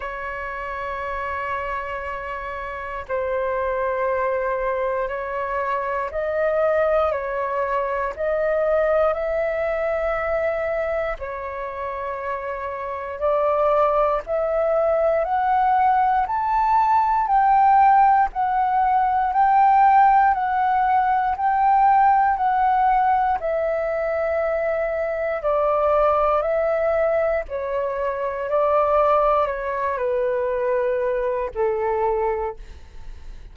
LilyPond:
\new Staff \with { instrumentName = "flute" } { \time 4/4 \tempo 4 = 59 cis''2. c''4~ | c''4 cis''4 dis''4 cis''4 | dis''4 e''2 cis''4~ | cis''4 d''4 e''4 fis''4 |
a''4 g''4 fis''4 g''4 | fis''4 g''4 fis''4 e''4~ | e''4 d''4 e''4 cis''4 | d''4 cis''8 b'4. a'4 | }